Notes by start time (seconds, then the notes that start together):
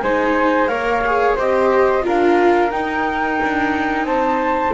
0.00 G#3 D#4 C5 G#5
0.68 A#3 A#4 C#5 F5
1.06 G#4
1.36 C4 G4 C5 D#5
2.01 D4 F4 A#4 F5
2.70 D#4 G5
3.43 D4
4.03 C4 C5 A5